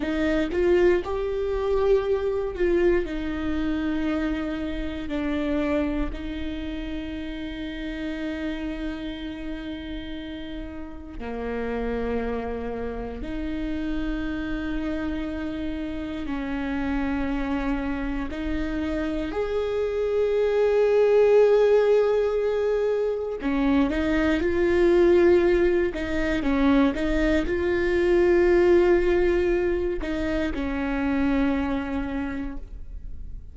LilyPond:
\new Staff \with { instrumentName = "viola" } { \time 4/4 \tempo 4 = 59 dis'8 f'8 g'4. f'8 dis'4~ | dis'4 d'4 dis'2~ | dis'2. ais4~ | ais4 dis'2. |
cis'2 dis'4 gis'4~ | gis'2. cis'8 dis'8 | f'4. dis'8 cis'8 dis'8 f'4~ | f'4. dis'8 cis'2 | }